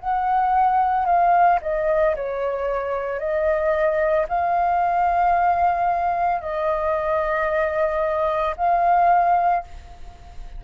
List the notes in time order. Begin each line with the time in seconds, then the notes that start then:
0.00 F#5
1.06 F5
1.62 D#5
2.16 C#5
3.19 D#5
4.29 F5
6.41 D#5
8.57 F5